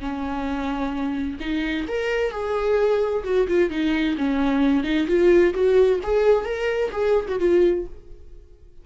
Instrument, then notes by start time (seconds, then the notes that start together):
viola
0.00 C#4
1.40 D#4
1.88 A#4
2.32 G#4
3.24 F#4
3.48 F4
3.70 D#4
4.18 C#4
4.84 D#4
5.07 F4
5.54 F#4
6.03 G#4
6.45 A#4
6.92 G#4
7.28 F#4
7.40 F4